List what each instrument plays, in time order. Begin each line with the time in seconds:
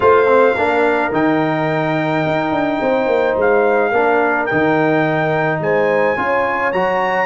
0.00 tuba A3, trombone F4, horn C5, trumpet F5
0.27 trombone C4
0.55 tuba A#3, trombone D4, horn A#4
1.12 tuba D#3, trombone D#4, trumpet G5
2.26 tuba D#4
2.51 tuba D4
2.80 tuba C4, horn C5
3.06 tuba A#3
3.36 tuba G#3, trumpet F5
3.90 tuba A#3, trombone D4, horn A#4
4.46 tuba D#3, trombone D#4, trumpet G5
5.59 tuba G#3, horn C5, trumpet G#5
6.16 tuba C#4, trombone F4, horn C#5
6.72 tuba F#3, trombone F#4, trumpet A#5